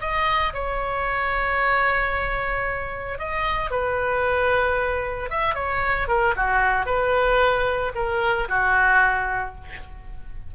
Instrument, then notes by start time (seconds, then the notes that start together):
oboe
0.00 D#5
0.53 C#5
3.19 D#5
3.70 B4
5.30 E5
5.54 C#5
6.07 A#4
6.36 F#4
6.86 B4
7.95 A#4
8.48 F#4